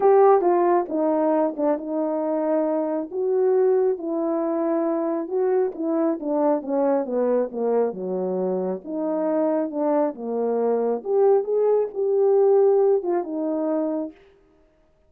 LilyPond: \new Staff \with { instrumentName = "horn" } { \time 4/4 \tempo 4 = 136 g'4 f'4 dis'4. d'8 | dis'2. fis'4~ | fis'4 e'2. | fis'4 e'4 d'4 cis'4 |
b4 ais4 fis2 | dis'2 d'4 ais4~ | ais4 g'4 gis'4 g'4~ | g'4. f'8 dis'2 | }